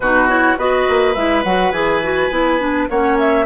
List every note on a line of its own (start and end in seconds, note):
0.00 0.56 B2
0.00 0.28 D#4
0.00 0.58 F#4
0.00 0.29 B4
0.28 0.57 E4
0.28 0.57 C#5
0.57 0.86 B3
0.57 1.15 F#4
0.57 2.89 B4
0.57 1.14 D#5
0.88 1.15 A#3
1.14 1.44 G#3
1.14 1.44 E4
1.14 1.43 E5
1.43 1.71 F#3
1.43 1.72 F#4
1.43 1.72 F#5
1.71 2.29 E3
1.71 2.01 G#4
1.71 2.87 G#5
2.02 2.30 F#4
2.30 2.87 B3
2.30 2.59 E4
2.59 2.88 D4
2.89 3.45 A#3
2.89 3.45 C#4
2.89 3.45 C#5
2.89 3.18 F#5
3.19 3.45 E5